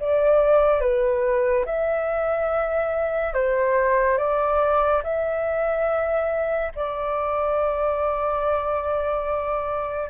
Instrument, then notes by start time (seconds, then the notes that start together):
flute
0.00 D5
0.81 B4
1.66 E5
3.34 C5
4.18 D5
5.04 E5
6.75 D5